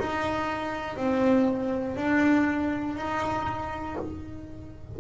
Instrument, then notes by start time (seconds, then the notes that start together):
double bass
0.00 D#4
0.97 C4
1.96 D4
2.96 D#4